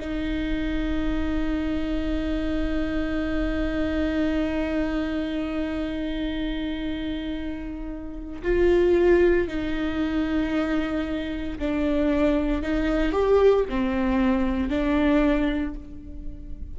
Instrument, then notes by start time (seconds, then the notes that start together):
viola
0.00 D#4
8.43 F4
9.48 D#4
11.59 D4
12.63 D#4
13.12 G4
13.69 C4
14.69 D4